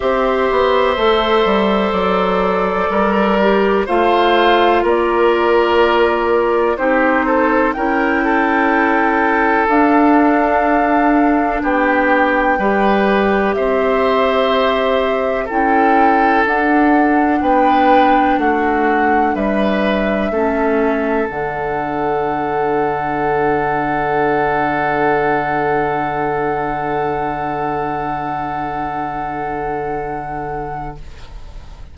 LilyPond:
<<
  \new Staff \with { instrumentName = "flute" } { \time 4/4 \tempo 4 = 62 e''2 d''2 | f''4 d''2 c''4 | g''2 f''2 | g''2 e''2 |
g''4 fis''4 g''4 fis''4 | e''2 fis''2~ | fis''1~ | fis''1 | }
  \new Staff \with { instrumentName = "oboe" } { \time 4/4 c''2. ais'4 | c''4 ais'2 g'8 a'8 | ais'8 a'2.~ a'8 | g'4 b'4 c''2 |
a'2 b'4 fis'4 | b'4 a'2.~ | a'1~ | a'1 | }
  \new Staff \with { instrumentName = "clarinet" } { \time 4/4 g'4 a'2~ a'8 g'8 | f'2. dis'4 | e'2 d'2~ | d'4 g'2. |
e'4 d'2.~ | d'4 cis'4 d'2~ | d'1~ | d'1 | }
  \new Staff \with { instrumentName = "bassoon" } { \time 4/4 c'8 b8 a8 g8 fis4 g4 | a4 ais2 c'4 | cis'2 d'2 | b4 g4 c'2 |
cis'4 d'4 b4 a4 | g4 a4 d2~ | d1~ | d1 | }
>>